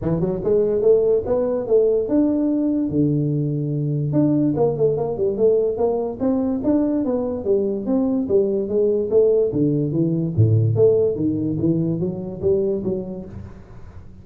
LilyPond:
\new Staff \with { instrumentName = "tuba" } { \time 4/4 \tempo 4 = 145 e8 fis8 gis4 a4 b4 | a4 d'2 d4~ | d2 d'4 ais8 a8 | ais8 g8 a4 ais4 c'4 |
d'4 b4 g4 c'4 | g4 gis4 a4 d4 | e4 a,4 a4 dis4 | e4 fis4 g4 fis4 | }